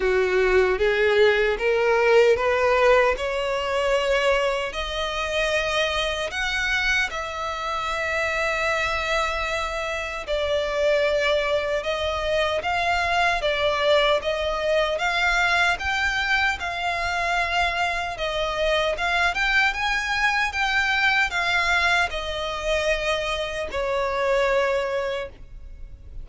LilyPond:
\new Staff \with { instrumentName = "violin" } { \time 4/4 \tempo 4 = 76 fis'4 gis'4 ais'4 b'4 | cis''2 dis''2 | fis''4 e''2.~ | e''4 d''2 dis''4 |
f''4 d''4 dis''4 f''4 | g''4 f''2 dis''4 | f''8 g''8 gis''4 g''4 f''4 | dis''2 cis''2 | }